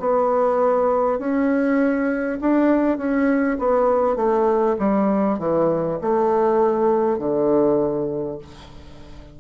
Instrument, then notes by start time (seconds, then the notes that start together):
bassoon
0.00 B3
1.19 C#4
2.41 D4
2.98 C#4
3.59 B3
4.17 A3
4.79 G3
5.39 E3
6.02 A3
7.19 D3